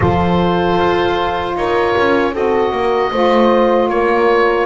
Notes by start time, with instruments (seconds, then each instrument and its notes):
0.00 double bass F3, saxophone F4, horn A4, oboe C5
0.79 double bass F4
1.55 double bass D#4, horn A#4, oboe C#5
1.97 double bass C#4
2.33 double bass C4, saxophone F#4, horn A4, oboe D#5
2.71 double bass A#3, horn A#4
3.11 double bass A3, saxophone F4, horn C5
3.88 double bass A#3, horn A#4, oboe C#5